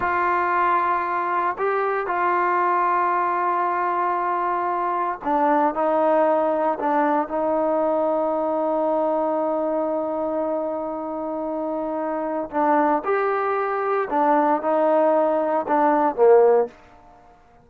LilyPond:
\new Staff \with { instrumentName = "trombone" } { \time 4/4 \tempo 4 = 115 f'2. g'4 | f'1~ | f'2 d'4 dis'4~ | dis'4 d'4 dis'2~ |
dis'1~ | dis'1 | d'4 g'2 d'4 | dis'2 d'4 ais4 | }